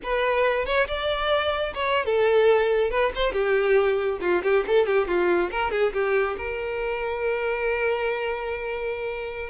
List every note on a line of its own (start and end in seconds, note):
0.03 0.65 B4
0.65 0.87 C#5
0.87 1.73 D5
1.74 2.05 C#5
2.05 2.90 A4
2.90 3.12 B4
3.15 3.32 C5
3.32 4.18 G4
4.20 4.42 F4
4.43 4.64 G4
4.66 4.85 A4
4.85 5.07 G4
5.07 5.50 F4
5.51 5.71 A#4
5.71 5.92 G#4
5.93 6.36 G4
6.37 9.49 A#4